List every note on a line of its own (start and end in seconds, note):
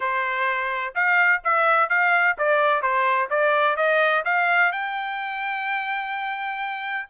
0.00 0.94 C5
0.94 1.42 F5
1.43 1.89 E5
1.89 2.36 F5
2.38 2.82 D5
2.82 3.29 C5
3.29 3.76 D5
3.76 4.23 D#5
4.24 4.72 F5
4.72 7.08 G5